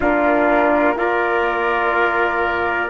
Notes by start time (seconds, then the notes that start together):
0.00 A#3 D4 F4 A#4
0.96 F4 A#4 D5